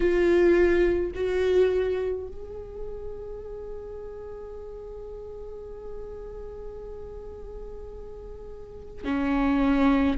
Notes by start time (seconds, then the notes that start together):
0.00 F4
1.14 F#4
2.27 G#4
9.04 C#4